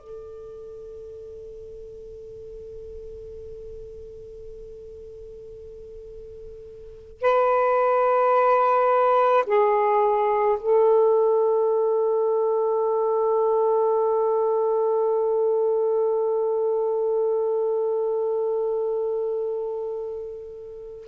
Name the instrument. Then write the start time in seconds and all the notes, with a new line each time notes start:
saxophone
0.00 A4
7.21 B4
9.46 G#4
10.59 A4